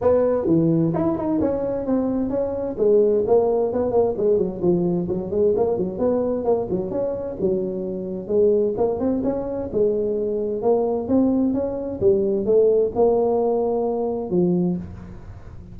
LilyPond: \new Staff \with { instrumentName = "tuba" } { \time 4/4 \tempo 4 = 130 b4 e4 e'8 dis'8 cis'4 | c'4 cis'4 gis4 ais4 | b8 ais8 gis8 fis8 f4 fis8 gis8 | ais8 fis8 b4 ais8 fis8 cis'4 |
fis2 gis4 ais8 c'8 | cis'4 gis2 ais4 | c'4 cis'4 g4 a4 | ais2. f4 | }